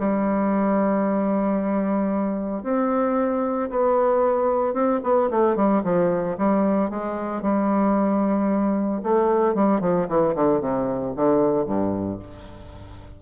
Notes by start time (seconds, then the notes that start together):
0.00 G3
2.64 C4
3.70 B3
4.74 C4
5.04 B3
5.31 A3
5.56 G3
5.84 F3
6.38 G3
6.90 G#3
7.43 G3
9.04 A3
9.55 G3
9.81 F3
10.09 E3
10.36 D3
10.61 C3
11.17 D3
11.66 G2